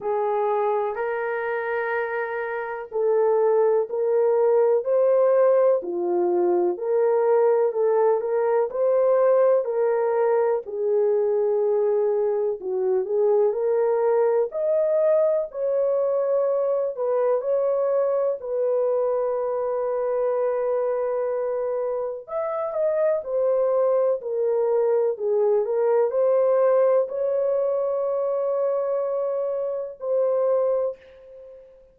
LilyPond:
\new Staff \with { instrumentName = "horn" } { \time 4/4 \tempo 4 = 62 gis'4 ais'2 a'4 | ais'4 c''4 f'4 ais'4 | a'8 ais'8 c''4 ais'4 gis'4~ | gis'4 fis'8 gis'8 ais'4 dis''4 |
cis''4. b'8 cis''4 b'4~ | b'2. e''8 dis''8 | c''4 ais'4 gis'8 ais'8 c''4 | cis''2. c''4 | }